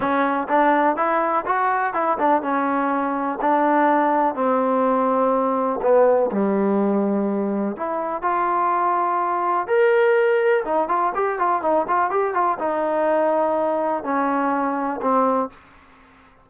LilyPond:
\new Staff \with { instrumentName = "trombone" } { \time 4/4 \tempo 4 = 124 cis'4 d'4 e'4 fis'4 | e'8 d'8 cis'2 d'4~ | d'4 c'2. | b4 g2. |
e'4 f'2. | ais'2 dis'8 f'8 g'8 f'8 | dis'8 f'8 g'8 f'8 dis'2~ | dis'4 cis'2 c'4 | }